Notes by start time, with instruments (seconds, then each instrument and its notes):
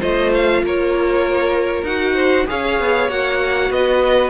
0.00 cello A3, viola F4, violin C5 D#5
0.34 violin F5
0.63 cello A#3, violin A#4 C#5
1.83 cello D#4, viola F#4, violin F#5
2.15 violin C5
2.47 cello C#4, viola G#4, violin C#5 F5
2.80 cello B3
3.08 cello A#3, viola F#4, violin F#5
3.70 cello B3, violin B4 D#5